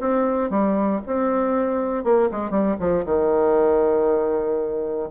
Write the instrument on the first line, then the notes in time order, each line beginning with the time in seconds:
bassoon
0.00 C4
0.50 G3
1.07 C4
2.04 A#3
2.31 G#3
2.51 G3
2.80 F3
3.06 D#3